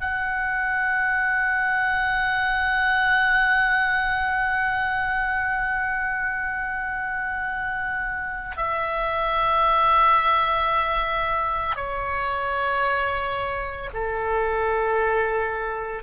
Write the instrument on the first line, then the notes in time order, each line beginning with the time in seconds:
oboe
0.00 F#5
8.56 E5
11.75 C#5
13.93 A4